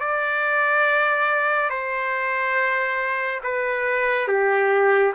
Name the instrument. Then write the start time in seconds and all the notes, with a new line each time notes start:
trumpet
0.00 D5
1.69 C5
3.43 B4
4.27 G4